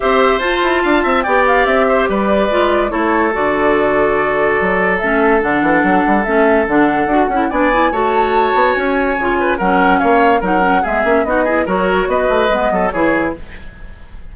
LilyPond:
<<
  \new Staff \with { instrumentName = "flute" } { \time 4/4 \tempo 4 = 144 e''4 a''2 g''8 f''8 | e''4 d''2 cis''4 | d''1 | e''4 fis''2 e''4 |
fis''2 gis''4 a''4~ | a''4 gis''2 fis''4 | f''4 fis''4 e''4 dis''4 | cis''4 dis''2 cis''4 | }
  \new Staff \with { instrumentName = "oboe" } { \time 4/4 c''2 f''8 e''8 d''4~ | d''8 c''8 b'2 a'4~ | a'1~ | a'1~ |
a'2 d''4 cis''4~ | cis''2~ cis''8 b'8 ais'4 | cis''4 ais'4 gis'4 fis'8 gis'8 | ais'4 b'4. a'8 gis'4 | }
  \new Staff \with { instrumentName = "clarinet" } { \time 4/4 g'4 f'2 g'4~ | g'2 f'4 e'4 | fis'1 | cis'4 d'2 cis'4 |
d'4 fis'8 e'8 d'8 e'8 fis'4~ | fis'2 f'4 cis'4~ | cis'4 dis'8 cis'8 b8 cis'8 dis'8 e'8 | fis'2 b4 e'4 | }
  \new Staff \with { instrumentName = "bassoon" } { \time 4/4 c'4 f'8 e'8 d'8 c'8 b4 | c'4 g4 gis4 a4 | d2. fis4 | a4 d8 e8 fis8 g8 a4 |
d4 d'8 cis'8 b4 a4~ | a8 b8 cis'4 cis4 fis4 | ais4 fis4 gis8 ais8 b4 | fis4 b8 a8 gis8 fis8 e4 | }
>>